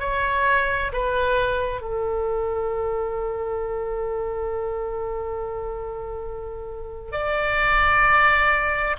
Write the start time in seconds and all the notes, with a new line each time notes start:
0.00 C#5
0.93 B4
1.81 A4
7.12 D5